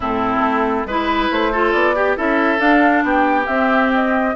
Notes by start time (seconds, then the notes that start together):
0.00 A2 C4 E4 A4
0.39 A3
0.86 G#3 E4 B4
1.31 A3 C5
1.51 F4 A4
1.72 B3 D5
1.95 G4
2.16 C#4 E4 A4 E5
2.58 D4 F5
3.03 B3 G4 G5
3.47 C4 E5
3.94 D#5